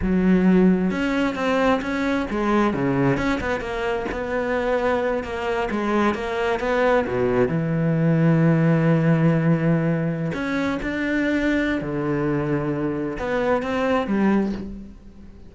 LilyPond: \new Staff \with { instrumentName = "cello" } { \time 4/4 \tempo 4 = 132 fis2 cis'4 c'4 | cis'4 gis4 cis4 cis'8 b8 | ais4 b2~ b8 ais8~ | ais8 gis4 ais4 b4 b,8~ |
b,8 e2.~ e8~ | e2~ e8. cis'4 d'16~ | d'2 d2~ | d4 b4 c'4 g4 | }